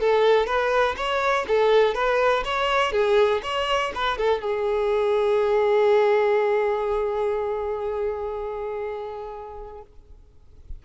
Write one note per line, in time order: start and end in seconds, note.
0.00 0.46 A4
0.46 0.95 B4
0.97 1.46 C#5
1.47 1.94 A4
1.94 2.43 B4
2.44 2.92 C#5
2.92 3.41 G#4
3.43 3.92 C#5
3.95 4.18 B4
4.18 4.41 A4
4.41 9.82 G#4